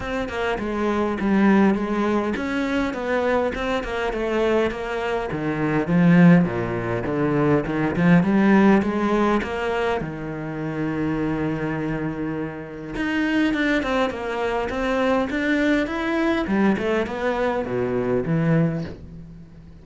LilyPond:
\new Staff \with { instrumentName = "cello" } { \time 4/4 \tempo 4 = 102 c'8 ais8 gis4 g4 gis4 | cis'4 b4 c'8 ais8 a4 | ais4 dis4 f4 ais,4 | d4 dis8 f8 g4 gis4 |
ais4 dis2.~ | dis2 dis'4 d'8 c'8 | ais4 c'4 d'4 e'4 | g8 a8 b4 b,4 e4 | }